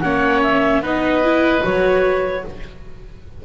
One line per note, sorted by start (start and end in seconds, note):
0.00 0.81 A#3
0.00 0.83 C#4
0.00 0.82 C#5
0.00 0.40 F#5
0.42 0.82 E5
0.81 1.61 B3
0.81 1.23 D#4
0.81 2.42 B4
0.81 1.65 D#5
1.23 1.61 E4
1.61 2.44 F#3
1.61 2.41 F#4
1.61 2.45 C#5